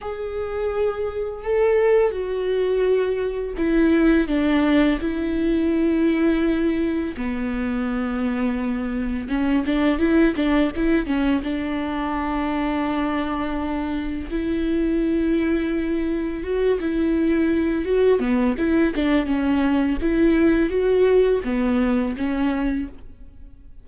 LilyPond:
\new Staff \with { instrumentName = "viola" } { \time 4/4 \tempo 4 = 84 gis'2 a'4 fis'4~ | fis'4 e'4 d'4 e'4~ | e'2 b2~ | b4 cis'8 d'8 e'8 d'8 e'8 cis'8 |
d'1 | e'2. fis'8 e'8~ | e'4 fis'8 b8 e'8 d'8 cis'4 | e'4 fis'4 b4 cis'4 | }